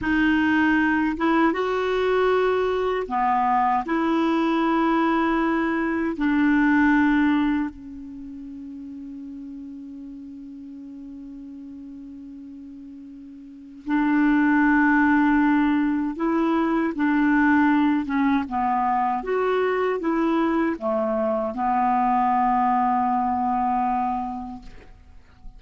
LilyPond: \new Staff \with { instrumentName = "clarinet" } { \time 4/4 \tempo 4 = 78 dis'4. e'8 fis'2 | b4 e'2. | d'2 cis'2~ | cis'1~ |
cis'2 d'2~ | d'4 e'4 d'4. cis'8 | b4 fis'4 e'4 a4 | b1 | }